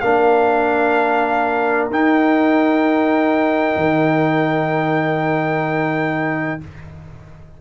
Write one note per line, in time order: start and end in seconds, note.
0.00 1.90 A#3
0.00 1.91 D4
0.00 6.58 A#4
0.00 1.88 F5
1.90 3.76 D#4
1.90 6.61 D#4
1.90 6.61 G5
3.76 6.57 D#3